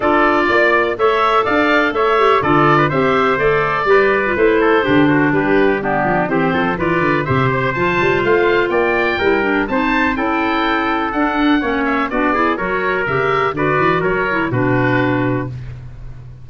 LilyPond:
<<
  \new Staff \with { instrumentName = "oboe" } { \time 4/4 \tempo 4 = 124 d''2 e''4 f''4 | e''4 d''4 e''4 d''4~ | d''4 c''2 b'4 | g'4 c''4 d''4 e''8 c''8 |
a''4 f''4 g''2 | a''4 g''2 fis''4~ | fis''8 e''8 d''4 cis''4 e''4 | d''4 cis''4 b'2 | }
  \new Staff \with { instrumentName = "trumpet" } { \time 4/4 a'4 d''4 cis''4 d''4 | cis''4 a'8. b'16 c''2 | b'4. a'8 g'8 fis'8 g'4 | d'4 g'8 a'8 b'4 c''4~ |
c''2 d''4 ais'4 | c''4 a'2. | cis''4 fis'8 gis'8 ais'2 | b'4 ais'4 fis'2 | }
  \new Staff \with { instrumentName = "clarinet" } { \time 4/4 f'2 a'2~ | a'8 g'8 f'4 g'4 a'4 | g'8. f'16 e'4 d'2 | b4 c'4 f'4 g'4 |
f'2. e'8 d'8 | dis'4 e'2 d'4 | cis'4 d'8 e'8 fis'4 g'4 | fis'4. e'8 d'2 | }
  \new Staff \with { instrumentName = "tuba" } { \time 4/4 d'4 ais4 a4 d'4 | a4 d4 c'4 a4 | g4 a4 d4 g4~ | g8 f8 e8 f8 e8 d8 c4 |
f8 g8 a4 ais4 g4 | c'4 cis'2 d'4 | ais4 b4 fis4 cis4 | d8 e8 fis4 b,2 | }
>>